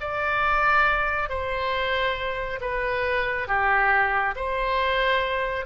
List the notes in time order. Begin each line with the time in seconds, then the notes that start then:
0.00 D5
1.29 C5
2.60 B4
3.47 G4
4.35 C5